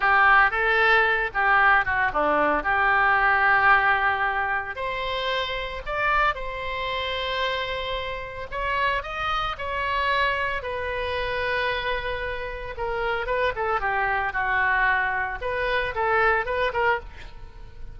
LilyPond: \new Staff \with { instrumentName = "oboe" } { \time 4/4 \tempo 4 = 113 g'4 a'4. g'4 fis'8 | d'4 g'2.~ | g'4 c''2 d''4 | c''1 |
cis''4 dis''4 cis''2 | b'1 | ais'4 b'8 a'8 g'4 fis'4~ | fis'4 b'4 a'4 b'8 ais'8 | }